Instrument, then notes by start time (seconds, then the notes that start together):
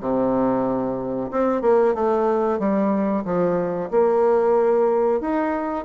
bassoon
0.00 C3
1.31 C4
1.61 A#3
1.94 A3
2.59 G3
3.24 F3
3.90 A#3
5.20 D#4